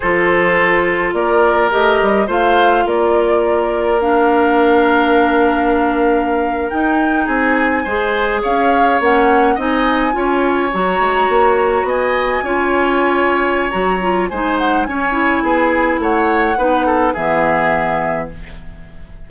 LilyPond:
<<
  \new Staff \with { instrumentName = "flute" } { \time 4/4 \tempo 4 = 105 c''2 d''4 dis''4 | f''4 d''2 f''4~ | f''2.~ f''8. g''16~ | g''8. gis''2 f''4 fis''16~ |
fis''8. gis''2 ais''4~ ais''16~ | ais''8. gis''2.~ gis''16 | ais''4 gis''8 fis''8 gis''2 | fis''2 e''2 | }
  \new Staff \with { instrumentName = "oboe" } { \time 4/4 a'2 ais'2 | c''4 ais'2.~ | ais'1~ | ais'8. gis'4 c''4 cis''4~ cis''16~ |
cis''8. dis''4 cis''2~ cis''16~ | cis''8. dis''4 cis''2~ cis''16~ | cis''4 c''4 cis''4 gis'4 | cis''4 b'8 a'8 gis'2 | }
  \new Staff \with { instrumentName = "clarinet" } { \time 4/4 f'2. g'4 | f'2. d'4~ | d'2.~ d'8. dis'16~ | dis'4.~ dis'16 gis'2 cis'16~ |
cis'8. dis'4 f'4 fis'4~ fis'16~ | fis'4.~ fis'16 f'2~ f'16 | fis'8 f'8 dis'4 cis'8 e'4.~ | e'4 dis'4 b2 | }
  \new Staff \with { instrumentName = "bassoon" } { \time 4/4 f2 ais4 a8 g8 | a4 ais2.~ | ais2.~ ais8. dis'16~ | dis'8. c'4 gis4 cis'4 ais16~ |
ais8. c'4 cis'4 fis8 gis8 ais16~ | ais8. b4 cis'2~ cis'16 | fis4 gis4 cis'4 b4 | a4 b4 e2 | }
>>